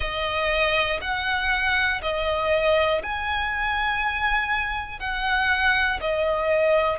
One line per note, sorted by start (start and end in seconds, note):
0.00 1.00 D#5
1.01 2.01 F#5
2.01 3.01 D#5
3.02 4.99 G#5
4.99 5.99 F#5
6.00 6.98 D#5